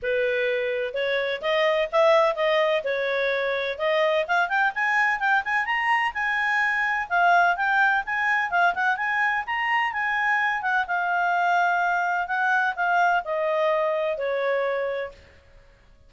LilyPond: \new Staff \with { instrumentName = "clarinet" } { \time 4/4 \tempo 4 = 127 b'2 cis''4 dis''4 | e''4 dis''4 cis''2 | dis''4 f''8 g''8 gis''4 g''8 gis''8 | ais''4 gis''2 f''4 |
g''4 gis''4 f''8 fis''8 gis''4 | ais''4 gis''4. fis''8 f''4~ | f''2 fis''4 f''4 | dis''2 cis''2 | }